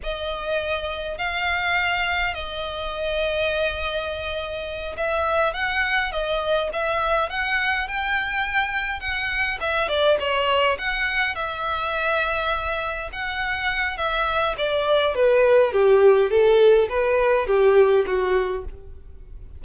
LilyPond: \new Staff \with { instrumentName = "violin" } { \time 4/4 \tempo 4 = 103 dis''2 f''2 | dis''1~ | dis''8 e''4 fis''4 dis''4 e''8~ | e''8 fis''4 g''2 fis''8~ |
fis''8 e''8 d''8 cis''4 fis''4 e''8~ | e''2~ e''8 fis''4. | e''4 d''4 b'4 g'4 | a'4 b'4 g'4 fis'4 | }